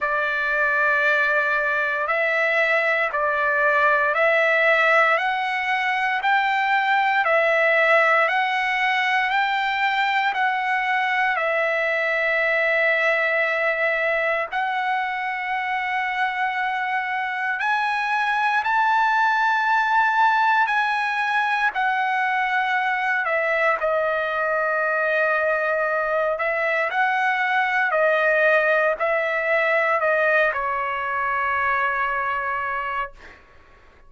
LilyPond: \new Staff \with { instrumentName = "trumpet" } { \time 4/4 \tempo 4 = 58 d''2 e''4 d''4 | e''4 fis''4 g''4 e''4 | fis''4 g''4 fis''4 e''4~ | e''2 fis''2~ |
fis''4 gis''4 a''2 | gis''4 fis''4. e''8 dis''4~ | dis''4. e''8 fis''4 dis''4 | e''4 dis''8 cis''2~ cis''8 | }